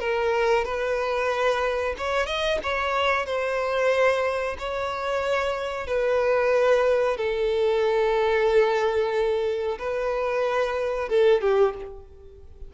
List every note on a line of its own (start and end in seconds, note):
0.00 0.65 A#4
0.65 1.95 B4
1.98 2.26 C#5
2.26 2.59 D#5
2.63 3.26 C#5
3.26 4.57 C5
4.59 5.87 C#5
5.87 7.17 B4
7.17 9.78 A4
9.79 11.09 B4
11.09 11.42 A4
11.42 11.74 G4